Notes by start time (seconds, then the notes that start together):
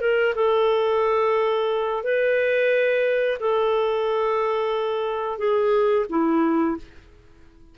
0.00 A#4
0.34 A4
2.03 B4
3.39 A4
5.38 G#4
6.09 E4